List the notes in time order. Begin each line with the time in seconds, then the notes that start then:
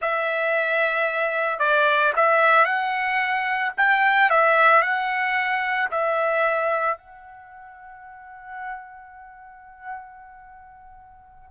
0.01 E5
1.59 D5
2.16 E5
2.65 F#5
3.77 G5
4.30 E5
4.82 F#5
5.91 E5
6.97 F#5